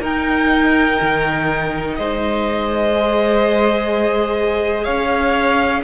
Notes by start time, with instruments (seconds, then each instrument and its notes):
0.00 cello D#4, viola D#4, violin A#4 G5
1.01 cello D#3
1.96 cello G#3, violin C5 D#5
2.95 viola G#4
4.84 cello C#4, violin C#5 F5